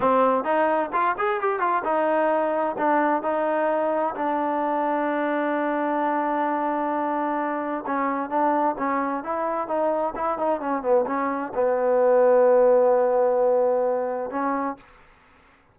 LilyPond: \new Staff \with { instrumentName = "trombone" } { \time 4/4 \tempo 4 = 130 c'4 dis'4 f'8 gis'8 g'8 f'8 | dis'2 d'4 dis'4~ | dis'4 d'2.~ | d'1~ |
d'4 cis'4 d'4 cis'4 | e'4 dis'4 e'8 dis'8 cis'8 b8 | cis'4 b2.~ | b2. cis'4 | }